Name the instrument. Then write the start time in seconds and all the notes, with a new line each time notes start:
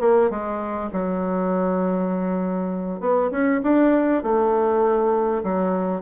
bassoon
0.00 A#3
0.30 G#3
0.92 F#3
3.00 B3
3.31 C#4
3.62 D4
4.23 A3
5.43 F#3